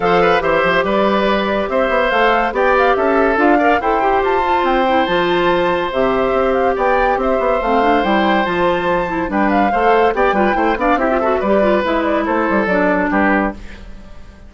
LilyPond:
<<
  \new Staff \with { instrumentName = "flute" } { \time 4/4 \tempo 4 = 142 f''4 e''4 d''2 | e''4 f''4 g''8 f''8 e''4 | f''4 g''4 a''4 g''4 | a''2 e''4. f''8 |
g''4 e''4 f''4 g''4 | a''2 g''8 f''4. | g''4. f''8 e''4 d''4 | e''8 d''8 c''4 d''4 b'4 | }
  \new Staff \with { instrumentName = "oboe" } { \time 4/4 c''8 b'8 c''4 b'2 | c''2 d''4 a'4~ | a'8 d''8 c''2.~ | c''1 |
d''4 c''2.~ | c''2 b'4 c''4 | d''8 b'8 c''8 d''8 g'8 a'8 b'4~ | b'4 a'2 g'4 | }
  \new Staff \with { instrumentName = "clarinet" } { \time 4/4 a'4 g'2.~ | g'4 a'4 g'2 | f'8 ais'8 a'8 g'4 f'4 e'8 | f'2 g'2~ |
g'2 c'8 d'8 e'4 | f'4. e'8 d'4 a'4 | g'8 f'8 e'8 d'8 e'16 f'16 fis'8 g'8 f'8 | e'2 d'2 | }
  \new Staff \with { instrumentName = "bassoon" } { \time 4/4 f4 e8 f8 g2 | c'8 b8 a4 b4 cis'4 | d'4 e'4 f'4 c'4 | f2 c4 c'4 |
b4 c'8 b8 a4 g4 | f2 g4 a4 | b8 g8 a8 b8 c'4 g4 | gis4 a8 g8 fis4 g4 | }
>>